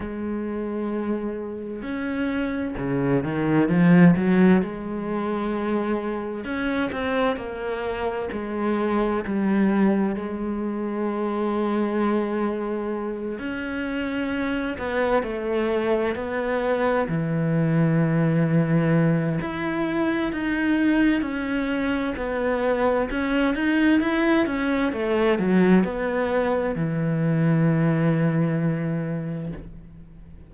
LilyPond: \new Staff \with { instrumentName = "cello" } { \time 4/4 \tempo 4 = 65 gis2 cis'4 cis8 dis8 | f8 fis8 gis2 cis'8 c'8 | ais4 gis4 g4 gis4~ | gis2~ gis8 cis'4. |
b8 a4 b4 e4.~ | e4 e'4 dis'4 cis'4 | b4 cis'8 dis'8 e'8 cis'8 a8 fis8 | b4 e2. | }